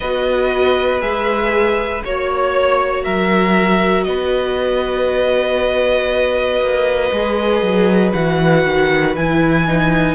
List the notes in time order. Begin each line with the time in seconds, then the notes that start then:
0.00 B3 F#4 B4 D#5
1.00 G#3 G#4 E5
2.04 A#3 F#4 C#5
3.04 F#3 A#4 E5
4.03 B3 B4 D#5
6.60 A#3
7.11 G#3 G#4
7.62 F#3
8.13 E3 F#4 F#5
8.65 D#3
9.15 E3 E4 G#5
9.67 D#4